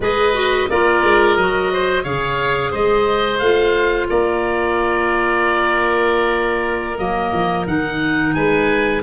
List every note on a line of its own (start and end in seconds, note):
0.00 0.68 G#3
0.00 0.33 G#4
0.00 0.69 B4
0.00 0.70 D#5
0.33 0.67 F#4
0.69 1.03 A#3
0.69 1.39 F4
0.69 1.72 A#4
0.69 1.36 D5
1.03 1.36 G#3
1.36 2.04 F#3
1.36 2.03 F#4
1.36 2.04 D#5
1.72 2.03 C5
2.03 2.72 C#3
2.03 3.40 G#4
2.03 2.70 C#5
2.03 2.72 F5
2.70 3.40 G#3
2.70 4.07 C5
2.70 3.38 D#5
3.38 4.08 A3
3.38 6.97 F4
3.38 4.07 F5
4.09 6.98 A#3
4.09 8.36 A#4
4.09 6.98 D5
6.97 7.32 F#3
6.97 7.66 A#3
6.97 7.66 D#5
7.33 7.67 F3
7.66 8.35 D#3
7.66 9.02 D#4
7.66 8.34 F#5
8.34 9.03 G#3
8.34 9.03 B4
8.34 9.02 G#5